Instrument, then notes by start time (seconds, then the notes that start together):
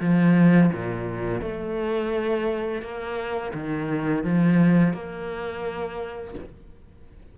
cello
0.00 F3
0.73 A#2
1.41 A3
2.81 A#3
3.54 D#3
4.24 F3
4.93 A#3